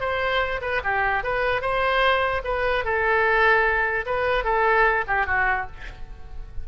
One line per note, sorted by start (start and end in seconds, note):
0.00 0.60 C5
0.61 0.81 B4
0.84 1.23 G4
1.23 1.61 B4
1.61 2.42 C5
2.44 2.84 B4
2.85 4.05 A4
4.05 4.44 B4
4.44 5.04 A4
5.07 5.26 G4
5.26 5.66 F#4